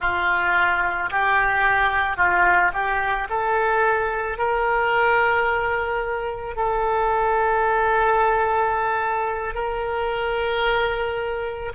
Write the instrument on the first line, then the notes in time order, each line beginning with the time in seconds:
oboe
0.00 F4
1.10 G4
2.17 F4
2.73 G4
3.29 A4
4.37 A#4
6.56 A4
9.54 A#4